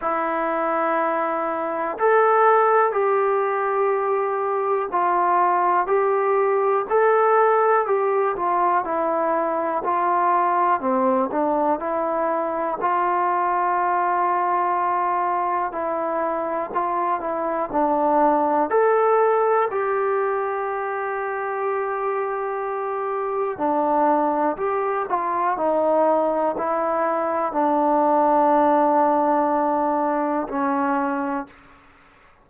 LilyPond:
\new Staff \with { instrumentName = "trombone" } { \time 4/4 \tempo 4 = 61 e'2 a'4 g'4~ | g'4 f'4 g'4 a'4 | g'8 f'8 e'4 f'4 c'8 d'8 | e'4 f'2. |
e'4 f'8 e'8 d'4 a'4 | g'1 | d'4 g'8 f'8 dis'4 e'4 | d'2. cis'4 | }